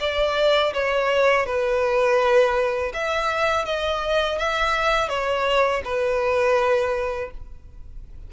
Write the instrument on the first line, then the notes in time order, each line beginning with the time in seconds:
violin
0.00 D5
0.74 C#5
1.46 B4
2.93 E5
3.65 D#5
4.38 E5
5.09 C#5
5.84 B4